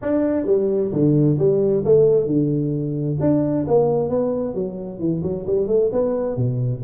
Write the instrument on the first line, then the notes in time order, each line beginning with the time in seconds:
tuba
0.02 D4
0.46 G3
0.92 D3
1.38 G3
1.85 A3
2.26 D3
3.20 D4
3.67 A#3
4.09 B3
4.54 F#3
4.99 E3
5.23 F#3
5.46 G3
5.67 A3
5.92 B3
6.36 B2